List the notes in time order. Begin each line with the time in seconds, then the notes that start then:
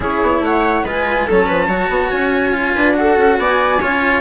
0.00 C#4 E4 G#4 C#5
0.22 B3
0.40 A3 C#5 F#5
0.84 G#3 F4 B4 G#5
1.26 F#3 C#4 A4 A5
1.46 F3 B4
1.67 F#3 F#4 C#5
1.89 B3
2.10 C#4 G#5
2.52 F4
2.75 D4 B4
2.93 F#4 A4 F#5
3.17 C#4
3.38 B3 D5 G#5
3.80 C#4 F4 C#5